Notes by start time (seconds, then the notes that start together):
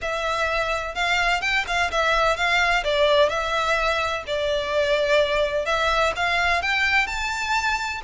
0.01 E5
0.94 F5
1.41 G5
1.67 F5
1.91 E5
2.36 F5
2.83 D5
3.29 E5
4.26 D5
5.65 E5
6.15 F5
6.61 G5
7.06 A5